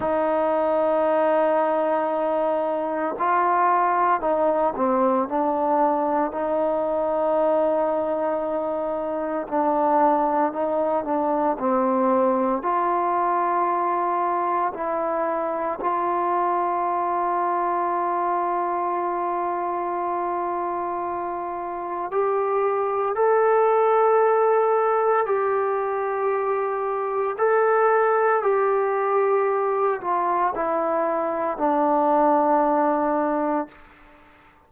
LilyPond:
\new Staff \with { instrumentName = "trombone" } { \time 4/4 \tempo 4 = 57 dis'2. f'4 | dis'8 c'8 d'4 dis'2~ | dis'4 d'4 dis'8 d'8 c'4 | f'2 e'4 f'4~ |
f'1~ | f'4 g'4 a'2 | g'2 a'4 g'4~ | g'8 f'8 e'4 d'2 | }